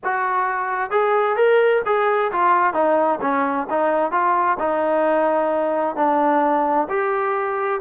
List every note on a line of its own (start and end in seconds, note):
0.03 0.91 F#4
0.91 1.36 G#4
1.36 1.82 A#4
1.85 2.31 G#4
2.32 2.73 F4
2.73 3.19 D#4
3.21 3.67 C#4
3.70 4.11 D#4
4.11 4.57 F4
4.59 5.96 D#4
5.96 6.87 D4
6.89 7.80 G4